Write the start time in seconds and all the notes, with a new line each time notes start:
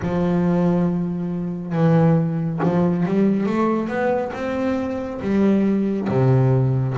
0.02 F3
1.72 E3
2.63 F3
3.05 G3
3.46 A3
3.88 B3
4.33 C4
5.21 G3
6.09 C3